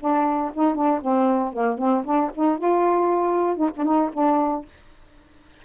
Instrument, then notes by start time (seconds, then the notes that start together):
saxophone
0.00 D4
0.54 D#4
0.75 D4
1.01 C4
1.53 A#3
1.78 C4
2.05 D4
2.35 D#4
2.58 F4
3.57 D#4
3.76 D4
3.85 D#4
4.13 D4